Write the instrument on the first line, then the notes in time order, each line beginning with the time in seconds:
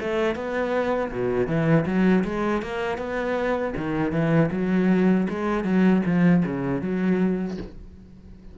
cello
0.00 A3
0.35 B3
1.11 B2
1.47 E3
1.86 F#3
2.24 G#3
2.62 A#3
2.98 B3
3.77 D#3
4.12 E3
4.52 F#3
5.29 G#3
5.64 F#3
6.06 F3
6.46 C#3
6.81 F#3